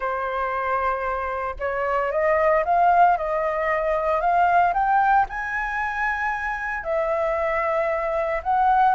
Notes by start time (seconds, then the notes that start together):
0.00 C5
1.59 C#5
2.11 D#5
2.65 F5
3.17 D#5
4.20 F5
4.73 G5
5.29 G#5
6.83 E5
8.43 F#5